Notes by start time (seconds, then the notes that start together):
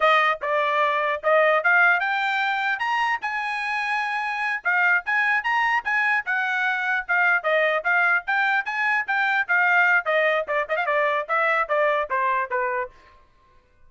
0.00 D#5
0.41 D5
1.23 D#5
1.63 F5
1.99 G5
2.79 A#5
3.21 G#5
4.63 F5
5.05 G#5
5.43 A#5
5.84 G#5
6.25 F#5
7.07 F5
7.43 D#5
7.84 F5
8.26 G5
8.65 G#5
9.07 G5
9.48 F5
10.05 D#5
10.47 D5
10.68 D#5
10.76 F5
10.86 D5
11.28 E5
11.68 D5
12.10 C5
12.50 B4